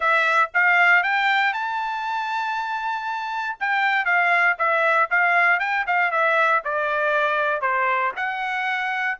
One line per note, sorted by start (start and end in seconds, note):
0.00 0.50 E5
0.54 1.03 F5
1.03 1.53 G5
1.53 3.56 A5
3.60 4.05 G5
4.05 4.56 F5
4.58 5.09 E5
5.10 5.59 F5
5.59 5.85 G5
5.86 6.11 F5
6.11 6.62 E5
6.64 7.61 D5
7.61 8.11 C5
8.16 9.18 F#5